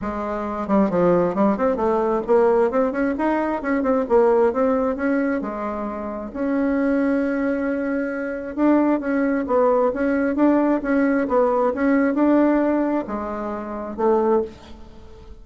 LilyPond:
\new Staff \with { instrumentName = "bassoon" } { \time 4/4 \tempo 4 = 133 gis4. g8 f4 g8 c'8 | a4 ais4 c'8 cis'8 dis'4 | cis'8 c'8 ais4 c'4 cis'4 | gis2 cis'2~ |
cis'2. d'4 | cis'4 b4 cis'4 d'4 | cis'4 b4 cis'4 d'4~ | d'4 gis2 a4 | }